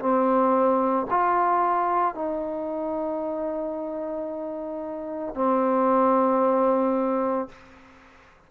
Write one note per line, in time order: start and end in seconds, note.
0.00 1.07 C4
1.11 2.15 F4
2.15 5.35 D#4
5.35 7.50 C4